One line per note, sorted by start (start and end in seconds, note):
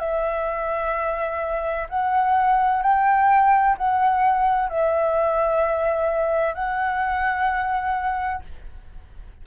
0.00 1.87 E5
1.90 2.83 F#5
2.83 3.76 G5
3.78 4.70 F#5
4.70 6.55 E5
6.55 8.42 F#5